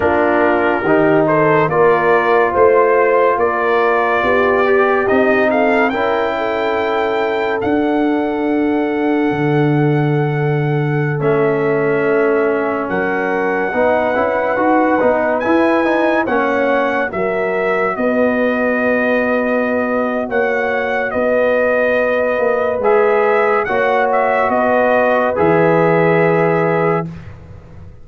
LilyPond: <<
  \new Staff \with { instrumentName = "trumpet" } { \time 4/4 \tempo 4 = 71 ais'4. c''8 d''4 c''4 | d''2 dis''8 f''8 g''4~ | g''4 fis''2.~ | fis''4~ fis''16 e''2 fis''8.~ |
fis''2~ fis''16 gis''4 fis''8.~ | fis''16 e''4 dis''2~ dis''8. | fis''4 dis''2 e''4 | fis''8 e''8 dis''4 e''2 | }
  \new Staff \with { instrumentName = "horn" } { \time 4/4 f'4 g'8 a'8 ais'4 c''4 | ais'4 g'4. a'8 ais'8 a'8~ | a'1~ | a'2.~ a'16 ais'8.~ |
ais'16 b'2. cis''8.~ | cis''16 ais'4 b'2~ b'8. | cis''4 b'2. | cis''4 b'2. | }
  \new Staff \with { instrumentName = "trombone" } { \time 4/4 d'4 dis'4 f'2~ | f'4. g'8 dis'4 e'4~ | e'4 d'2.~ | d'4~ d'16 cis'2~ cis'8.~ |
cis'16 dis'8 e'8 fis'8 dis'8 e'8 dis'8 cis'8.~ | cis'16 fis'2.~ fis'8.~ | fis'2. gis'4 | fis'2 gis'2 | }
  \new Staff \with { instrumentName = "tuba" } { \time 4/4 ais4 dis4 ais4 a4 | ais4 b4 c'4 cis'4~ | cis'4 d'2 d4~ | d4~ d16 a2 fis8.~ |
fis16 b8 cis'8 dis'8 b8 e'4 ais8.~ | ais16 fis4 b2~ b8. | ais4 b4. ais8 gis4 | ais4 b4 e2 | }
>>